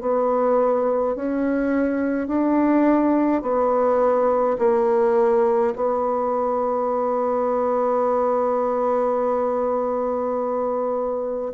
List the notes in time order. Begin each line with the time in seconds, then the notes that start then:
0.00 B3
1.15 C#4
2.27 D4
3.41 B3
4.58 A#3
5.75 B3